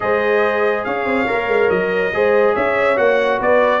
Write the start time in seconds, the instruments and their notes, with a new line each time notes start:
0.00 tuba G#3, trombone G#4, horn C5, trumpet D#5
0.84 tuba C#4, horn C#5, trumpet F5
1.05 tuba C4
1.27 tuba A#3, trombone A#4
1.48 tuba G#3
1.69 tuba F#3, trumpet D#5
2.13 tuba G#3, trombone G#4, horn C5
2.54 tuba C#4, horn C#5, trumpet E5
2.96 tuba A#3, trombone F#4, trumpet F#5
3.38 tuba B3, horn B4, trumpet D5